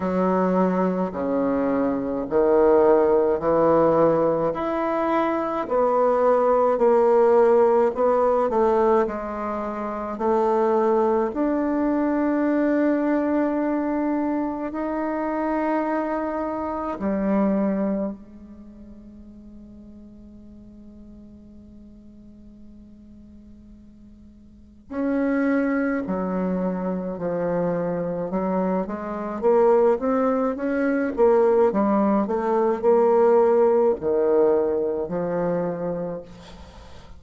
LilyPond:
\new Staff \with { instrumentName = "bassoon" } { \time 4/4 \tempo 4 = 53 fis4 cis4 dis4 e4 | e'4 b4 ais4 b8 a8 | gis4 a4 d'2~ | d'4 dis'2 g4 |
gis1~ | gis2 cis'4 fis4 | f4 fis8 gis8 ais8 c'8 cis'8 ais8 | g8 a8 ais4 dis4 f4 | }